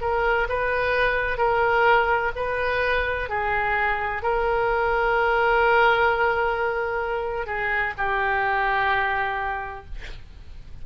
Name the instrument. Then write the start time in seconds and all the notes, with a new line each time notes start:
oboe
0.00 A#4
0.48 B4
1.37 A#4
2.35 B4
3.29 G#4
4.22 A#4
7.46 G#4
7.97 G4